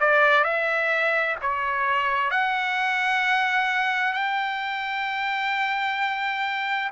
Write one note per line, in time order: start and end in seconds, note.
0.00 0.44 D5
0.44 1.36 E5
1.42 2.31 C#5
2.31 4.13 F#5
4.13 6.90 G5